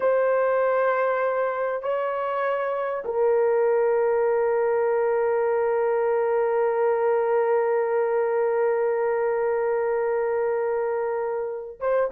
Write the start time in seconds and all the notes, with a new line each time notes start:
0.00 C5
1.82 C#5
3.04 A#4
11.80 C5